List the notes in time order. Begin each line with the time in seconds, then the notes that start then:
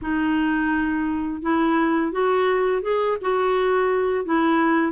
0.01 D#4
1.42 E4
2.11 F#4
2.82 G#4
3.21 F#4
4.25 E4